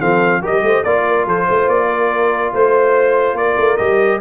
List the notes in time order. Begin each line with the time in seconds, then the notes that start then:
0.00 F3 C4 A4 F5
0.42 G3 G4 A#4 D#5
0.63 A3 C5
0.84 A#3 F4 D5
1.07 A#4
1.26 F3 A4 C5
1.46 A3 C5
1.68 A#3 D5
1.90 A#4
2.53 A3 C5
3.35 A#3 A#4 D5
3.57 A3
3.77 G3 G4 D#5